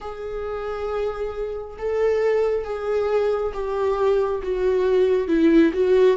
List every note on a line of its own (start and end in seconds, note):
0.00 1.77 G#4
1.78 2.64 A4
2.64 3.52 G#4
3.53 4.42 G4
4.42 5.27 F#4
5.27 5.71 E4
5.73 6.16 F#4